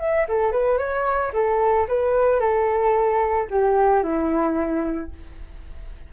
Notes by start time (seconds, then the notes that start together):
0.00 E5
0.29 A4
0.52 B4
0.78 C#5
1.33 A4
1.88 B4
2.40 A4
3.51 G4
4.03 E4